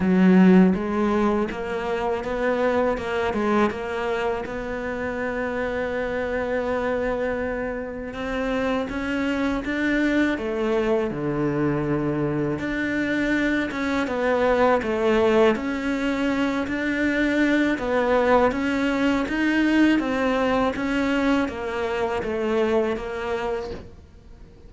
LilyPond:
\new Staff \with { instrumentName = "cello" } { \time 4/4 \tempo 4 = 81 fis4 gis4 ais4 b4 | ais8 gis8 ais4 b2~ | b2. c'4 | cis'4 d'4 a4 d4~ |
d4 d'4. cis'8 b4 | a4 cis'4. d'4. | b4 cis'4 dis'4 c'4 | cis'4 ais4 a4 ais4 | }